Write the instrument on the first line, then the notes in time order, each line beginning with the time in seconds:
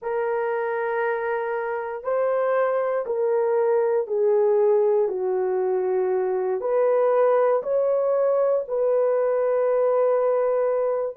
horn
0.01 A#4
2.03 C5
3.06 A#4
4.07 G#4
5.08 F#4
6.60 B4
7.62 C#5
8.68 B4